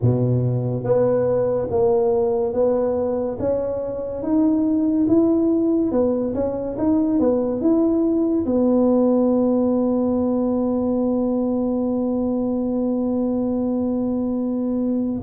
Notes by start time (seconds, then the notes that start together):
0.01 B2
0.83 B3
1.70 A#3
2.53 B3
3.39 C#4
4.23 D#4
5.07 E4
5.91 B3
6.34 C#4
6.78 D#4
7.19 B3
7.60 E4
8.45 B3